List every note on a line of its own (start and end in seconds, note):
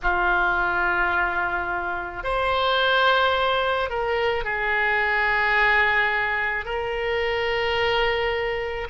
0.02 2.23 F4
2.23 3.89 C5
3.89 4.44 A#4
4.44 6.65 G#4
6.65 8.87 A#4